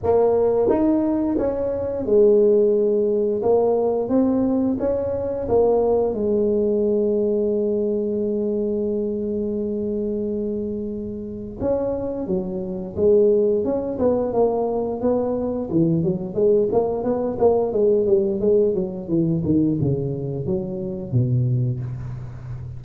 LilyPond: \new Staff \with { instrumentName = "tuba" } { \time 4/4 \tempo 4 = 88 ais4 dis'4 cis'4 gis4~ | gis4 ais4 c'4 cis'4 | ais4 gis2.~ | gis1~ |
gis4 cis'4 fis4 gis4 | cis'8 b8 ais4 b4 e8 fis8 | gis8 ais8 b8 ais8 gis8 g8 gis8 fis8 | e8 dis8 cis4 fis4 b,4 | }